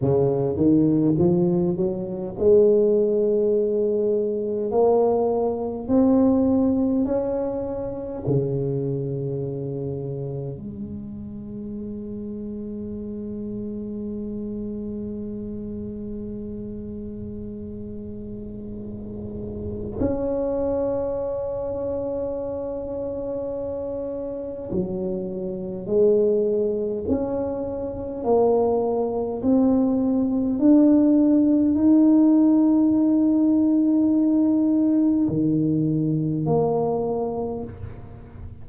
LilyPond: \new Staff \with { instrumentName = "tuba" } { \time 4/4 \tempo 4 = 51 cis8 dis8 f8 fis8 gis2 | ais4 c'4 cis'4 cis4~ | cis4 gis2.~ | gis1~ |
gis4 cis'2.~ | cis'4 fis4 gis4 cis'4 | ais4 c'4 d'4 dis'4~ | dis'2 dis4 ais4 | }